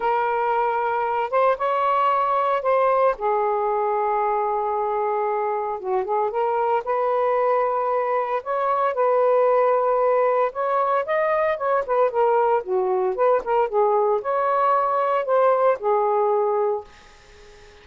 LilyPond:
\new Staff \with { instrumentName = "saxophone" } { \time 4/4 \tempo 4 = 114 ais'2~ ais'8 c''8 cis''4~ | cis''4 c''4 gis'2~ | gis'2. fis'8 gis'8 | ais'4 b'2. |
cis''4 b'2. | cis''4 dis''4 cis''8 b'8 ais'4 | fis'4 b'8 ais'8 gis'4 cis''4~ | cis''4 c''4 gis'2 | }